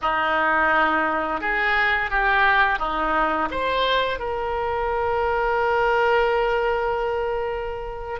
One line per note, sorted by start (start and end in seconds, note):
0.01 1.40 D#4
1.40 2.10 G#4
2.10 2.78 G4
2.78 3.48 D#4
3.50 4.19 C5
4.19 8.19 A#4